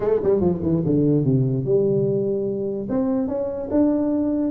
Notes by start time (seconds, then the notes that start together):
0.00 A3
0.23 G3
0.40 F3
0.62 E3
0.85 D3
1.24 C3
1.64 G3
2.89 C4
3.27 C#4
3.70 D4